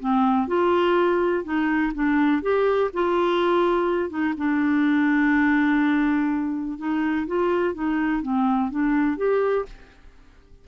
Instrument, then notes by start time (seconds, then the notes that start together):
clarinet
0.00 C4
0.48 F4
1.45 D#4
1.94 D4
2.42 G4
2.94 F4
4.10 D#4
4.37 D4
6.78 D#4
7.27 F4
7.74 D#4
8.22 C4
8.71 D4
9.17 G4